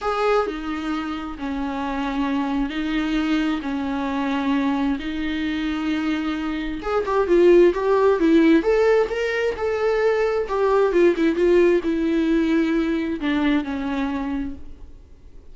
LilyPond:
\new Staff \with { instrumentName = "viola" } { \time 4/4 \tempo 4 = 132 gis'4 dis'2 cis'4~ | cis'2 dis'2 | cis'2. dis'4~ | dis'2. gis'8 g'8 |
f'4 g'4 e'4 a'4 | ais'4 a'2 g'4 | f'8 e'8 f'4 e'2~ | e'4 d'4 cis'2 | }